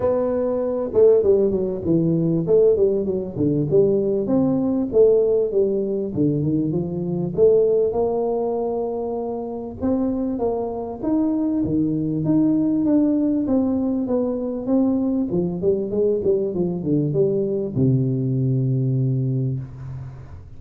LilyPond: \new Staff \with { instrumentName = "tuba" } { \time 4/4 \tempo 4 = 98 b4. a8 g8 fis8 e4 | a8 g8 fis8 d8 g4 c'4 | a4 g4 d8 dis8 f4 | a4 ais2. |
c'4 ais4 dis'4 dis4 | dis'4 d'4 c'4 b4 | c'4 f8 g8 gis8 g8 f8 d8 | g4 c2. | }